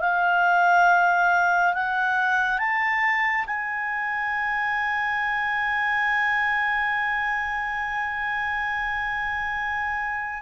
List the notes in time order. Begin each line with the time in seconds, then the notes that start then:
0.00 F5
1.74 F#5
2.58 A5
3.47 G#5